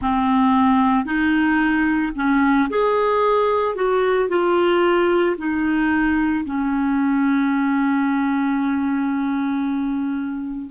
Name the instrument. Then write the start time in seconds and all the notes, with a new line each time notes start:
clarinet
0.01 C4
1.05 D#4
2.15 C#4
2.69 G#4
3.75 F#4
4.29 F4
5.37 D#4
6.45 C#4